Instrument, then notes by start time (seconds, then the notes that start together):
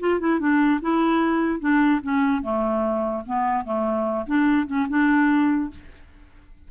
clarinet
0.00 F4
0.20 E4
0.40 D4
0.82 E4
1.60 D4
2.03 C#4
2.42 A3
3.27 B3
3.65 A3
4.27 D4
4.67 C#4
4.89 D4